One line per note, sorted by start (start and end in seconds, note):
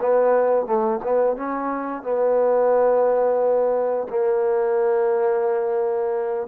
0.00 0.66 B3
0.66 1.00 A3
1.03 1.36 B3
1.36 2.03 C#4
2.03 4.07 B3
4.09 6.47 A#3